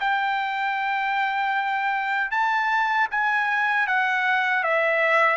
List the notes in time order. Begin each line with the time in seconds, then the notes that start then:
0.00 G5
2.31 A5
3.11 G#5
3.87 F#5
4.63 E5